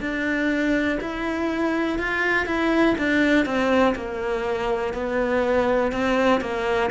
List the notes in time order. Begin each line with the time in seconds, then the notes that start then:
0.00 D4
1.01 E4
1.99 F4
2.45 E4
2.98 D4
3.45 C4
3.95 A#3
4.93 B3
5.92 C4
6.41 A#3